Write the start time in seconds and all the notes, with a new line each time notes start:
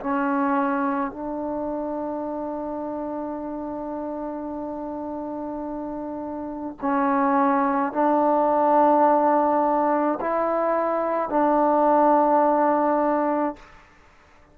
0.00 C#4
1.11 D4
6.81 C#4
7.92 D4
10.21 E4
11.30 D4